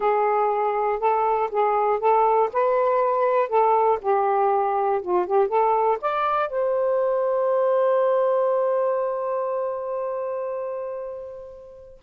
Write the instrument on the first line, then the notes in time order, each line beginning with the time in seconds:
saxophone
0.00 G#4
0.99 A4
1.51 G#4
1.99 A4
2.52 B4
3.49 A4
4.01 G4
5.02 F4
5.26 G4
5.48 A4
6.01 D5
6.49 C5